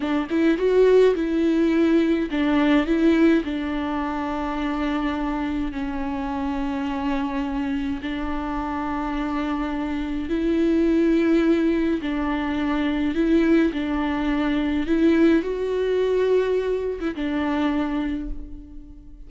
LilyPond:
\new Staff \with { instrumentName = "viola" } { \time 4/4 \tempo 4 = 105 d'8 e'8 fis'4 e'2 | d'4 e'4 d'2~ | d'2 cis'2~ | cis'2 d'2~ |
d'2 e'2~ | e'4 d'2 e'4 | d'2 e'4 fis'4~ | fis'4.~ fis'16 e'16 d'2 | }